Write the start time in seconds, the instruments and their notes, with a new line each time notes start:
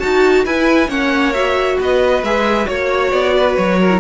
0.00 cello D#4, violin F#4 A5, viola F#4
0.45 cello E4, viola E4, violin B4 G#5
0.88 cello A#3, viola C#4, violin C#5 F#5
1.34 viola F#4, violin E5
1.80 cello B3, violin B4 D#5
2.22 cello G#3, viola G#4, violin E5
2.65 cello A#3, viola F#4, violin C#5
3.12 cello B3, violin D5
3.36 violin B4
3.56 cello F#3, violin C#5
3.80 violin A#4
3.90 viola E4